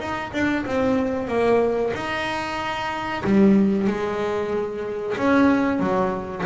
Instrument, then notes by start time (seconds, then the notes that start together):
double bass
0.00 D#4
0.33 D4
0.66 C4
1.28 A#3
1.94 D#4
3.24 G3
3.87 G#3
5.17 C#4
5.80 F#3